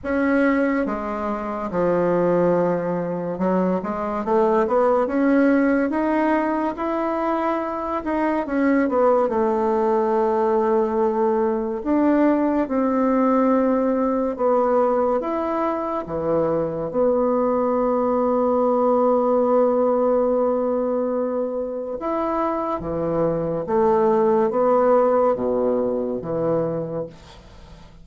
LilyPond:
\new Staff \with { instrumentName = "bassoon" } { \time 4/4 \tempo 4 = 71 cis'4 gis4 f2 | fis8 gis8 a8 b8 cis'4 dis'4 | e'4. dis'8 cis'8 b8 a4~ | a2 d'4 c'4~ |
c'4 b4 e'4 e4 | b1~ | b2 e'4 e4 | a4 b4 b,4 e4 | }